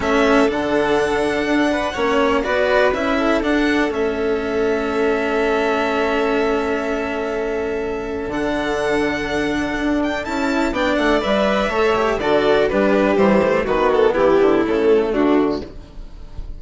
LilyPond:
<<
  \new Staff \with { instrumentName = "violin" } { \time 4/4 \tempo 4 = 123 e''4 fis''2.~ | fis''4 d''4 e''4 fis''4 | e''1~ | e''1~ |
e''4 fis''2.~ | fis''8 g''8 a''4 g''8 fis''8 e''4~ | e''4 d''4 b'4 c''4 | b'8 a'8 g'4 a'4 fis'4 | }
  \new Staff \with { instrumentName = "violin" } { \time 4/4 a'2.~ a'8 b'8 | cis''4 b'4. a'4.~ | a'1~ | a'1~ |
a'1~ | a'2 d''2 | cis''4 a'4 g'2 | fis'4 e'2 d'4 | }
  \new Staff \with { instrumentName = "cello" } { \time 4/4 cis'4 d'2. | cis'4 fis'4 e'4 d'4 | cis'1~ | cis'1~ |
cis'4 d'2.~ | d'4 e'4 d'4 b'4 | a'8 g'8 fis'4 d'4 g8 a8 | b2 a2 | }
  \new Staff \with { instrumentName = "bassoon" } { \time 4/4 a4 d2 d'4 | ais4 b4 cis'4 d'4 | a1~ | a1~ |
a4 d2. | d'4 cis'4 b8 a8 g4 | a4 d4 g4 e4 | dis4 e8 d8 cis4 d4 | }
>>